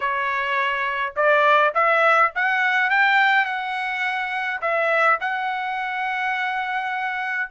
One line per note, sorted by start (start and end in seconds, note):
0.00 1.14 C#5
1.16 1.73 D5
1.74 2.32 E5
2.35 2.90 F#5
2.90 3.45 G5
3.45 4.60 F#5
4.61 5.18 E5
5.20 7.50 F#5